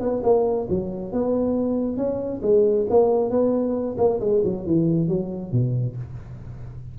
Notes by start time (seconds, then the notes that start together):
0.00 B3
0.23 A#3
0.70 F#3
1.12 B3
1.97 C#4
2.42 G#3
2.90 A#3
3.30 B3
3.98 A#3
4.20 G#3
4.44 F#3
4.66 E3
5.08 F#3
5.52 B2